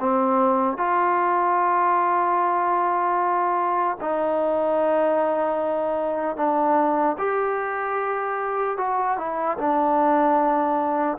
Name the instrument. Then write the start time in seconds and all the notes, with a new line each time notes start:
trombone
0.00 C4
0.77 F4
4.01 D#4
6.36 D4
7.18 G4
8.77 F#4
9.17 E4
9.58 D4